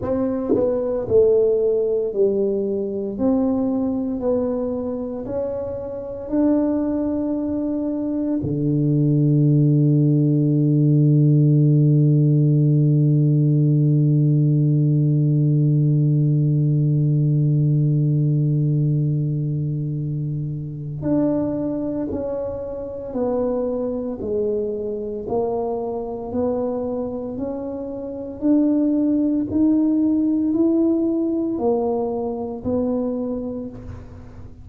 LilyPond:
\new Staff \with { instrumentName = "tuba" } { \time 4/4 \tempo 4 = 57 c'8 b8 a4 g4 c'4 | b4 cis'4 d'2 | d1~ | d1~ |
d1 | d'4 cis'4 b4 gis4 | ais4 b4 cis'4 d'4 | dis'4 e'4 ais4 b4 | }